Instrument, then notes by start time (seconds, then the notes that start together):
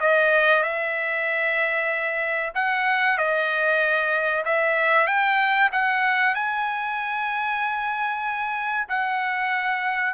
trumpet
0.00 D#5
0.63 E5
2.54 F#5
3.18 D#5
4.45 E5
5.07 G5
5.72 F#5
6.34 G#5
8.89 F#5